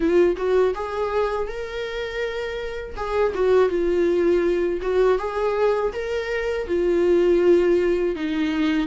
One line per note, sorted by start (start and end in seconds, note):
0.00 0.36 F4
0.37 0.74 F#4
0.74 1.47 G#4
1.47 2.95 A#4
2.96 3.33 G#4
3.34 3.69 F#4
3.69 4.80 F4
4.81 5.18 F#4
5.18 5.92 G#4
5.93 6.67 A#4
6.67 8.15 F4
8.15 8.87 D#4